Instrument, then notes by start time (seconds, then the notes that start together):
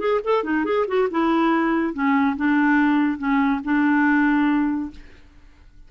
clarinet
0.00 G#4
0.24 A4
0.44 D#4
0.65 G#4
0.88 F#4
1.11 E4
1.94 C#4
2.37 D4
3.19 C#4
3.64 D4